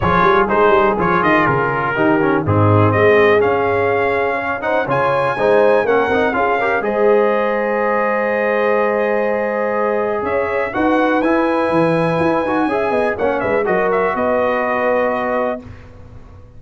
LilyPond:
<<
  \new Staff \with { instrumentName = "trumpet" } { \time 4/4 \tempo 4 = 123 cis''4 c''4 cis''8 dis''8 ais'4~ | ais'4 gis'4 dis''4 f''4~ | f''4. fis''8 gis''2 | fis''4 f''4 dis''2~ |
dis''1~ | dis''4 e''4 fis''4 gis''4~ | gis''2. fis''8 e''8 | dis''8 e''8 dis''2. | }
  \new Staff \with { instrumentName = "horn" } { \time 4/4 gis'1 | g'4 dis'4 gis'2~ | gis'4 cis''8 c''8 cis''4 c''4 | ais'4 gis'8 ais'8 c''2~ |
c''1~ | c''4 cis''4 b'2~ | b'2 e''8 dis''8 cis''8 b'8 | ais'4 b'2. | }
  \new Staff \with { instrumentName = "trombone" } { \time 4/4 f'4 dis'4 f'2 | dis'8 cis'8 c'2 cis'4~ | cis'4. dis'8 f'4 dis'4 | cis'8 dis'8 f'8 g'8 gis'2~ |
gis'1~ | gis'2 fis'4 e'4~ | e'4. fis'8 gis'4 cis'4 | fis'1 | }
  \new Staff \with { instrumentName = "tuba" } { \time 4/4 f8 g8 gis8 g8 f8 dis8 cis4 | dis4 gis,4 gis4 cis'4~ | cis'2 cis4 gis4 | ais8 c'8 cis'4 gis2~ |
gis1~ | gis4 cis'4 dis'4 e'4 | e4 e'8 dis'8 cis'8 b8 ais8 gis8 | fis4 b2. | }
>>